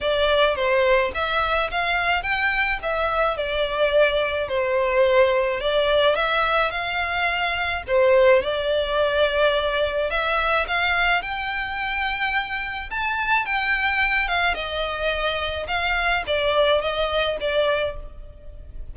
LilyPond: \new Staff \with { instrumentName = "violin" } { \time 4/4 \tempo 4 = 107 d''4 c''4 e''4 f''4 | g''4 e''4 d''2 | c''2 d''4 e''4 | f''2 c''4 d''4~ |
d''2 e''4 f''4 | g''2. a''4 | g''4. f''8 dis''2 | f''4 d''4 dis''4 d''4 | }